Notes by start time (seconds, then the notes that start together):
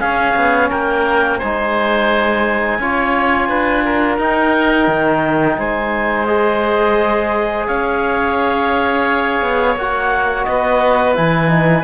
0.00 C#4 G#4 F5
0.36 B3
0.70 A#3 A#4 G5
1.38 G#3 D#4 C5 G#5
2.79 C#4 F4 C#5
3.49 D4 B4
3.85 A#4
4.18 D#4 G5
4.88 D#3
5.59 G#3 C5 G#5
6.26 G#4 D#5
7.67 C#4 C#5 F5
9.42 B3
9.77 A#3 F#4 F#5
10.45 B3 B4 D#5
11.14 E3 E4 G#5
11.49 D#4